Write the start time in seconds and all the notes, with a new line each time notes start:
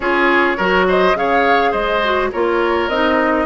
0.00 C#4 F4 G#4 C#5
0.57 F#3 F#4 A#4
0.88 C5 D#5
1.14 C#3 G#4 C#5 F5
1.71 G#3 C5 D#5
2.03 F#4
2.31 A#3 F4 A#4 C#5
2.88 C4 D#4 D#5